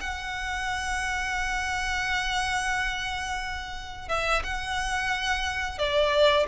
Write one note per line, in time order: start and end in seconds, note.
0.00 4.08 F#5
4.08 4.42 E5
4.43 5.78 F#5
5.78 6.46 D5